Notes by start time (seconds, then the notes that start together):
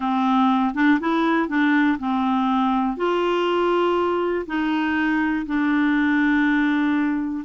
0.00 C4
0.74 D4
1.00 E4
1.48 D4
1.98 C4
2.96 F4
4.46 D#4
5.45 D4